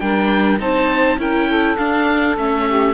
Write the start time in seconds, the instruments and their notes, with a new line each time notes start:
0.00 cello G3, viola D4, saxophone A#4, oboe G5
0.60 cello C4, viola D#4, saxophone C5, oboe A5
1.18 cello C#4, viola E4, saxophone A#4, oboe G5
1.49 saxophone A4
1.78 cello D4, viola D4, oboe F5
2.37 cello A3, viola C#4, oboe E5
2.67 saxophone G4